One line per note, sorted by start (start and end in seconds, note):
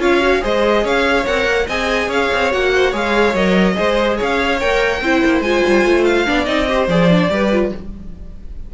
0.00 0.42 C#4
0.00 0.21 F4
0.00 0.42 C#5
0.00 0.44 F5
0.21 0.41 F#4
0.41 0.84 G#3
0.41 1.24 G#4
0.41 0.84 C5
0.41 0.87 D#5
0.84 1.26 C#4
0.84 1.67 C#5
0.84 1.26 F5
1.26 1.46 C4
1.26 1.68 A#4
1.26 1.68 F#5
1.46 1.67 A#3
1.67 2.08 C4
1.67 2.51 G#4
1.67 2.08 D#5
1.67 2.11 G#5
2.08 2.29 C#4
2.08 2.71 C#5
2.08 2.53 F5
2.33 2.53 C4
2.51 2.93 A#3
2.51 2.93 F#4
2.51 2.94 F#5
2.75 2.90 C5
2.90 3.34 G#3
2.90 3.35 G#4
2.90 3.74 C#5
2.90 3.35 F5
3.34 3.76 F#3
3.34 3.74 A#4
3.34 4.19 D#5
3.74 4.21 G#3
3.74 4.57 G#4
3.74 4.17 C5
4.17 4.62 C#4
4.17 5.01 C#5
4.17 4.60 F5
4.60 5.02 A#3
4.60 5.03 A#4
4.60 5.42 G5
5.02 5.22 C4
5.02 5.44 E4
5.02 6.27 C5
5.25 5.41 A#3
5.41 5.61 G#3
5.41 6.26 F4
5.41 6.04 G#5
5.67 5.85 G3
5.85 6.27 A3
6.04 6.45 F5
6.26 6.47 B3
6.26 6.46 D4
6.26 6.69 D5
6.45 6.88 C4
6.45 6.66 D#4
6.45 6.87 D#5
6.68 6.89 G4
6.68 7.32 C5
6.88 7.29 F3
6.88 7.11 G#4
6.88 7.73 D5
7.11 7.31 D4
7.30 7.72 G3
7.30 7.52 G4
7.30 7.74 B4
7.52 7.73 F4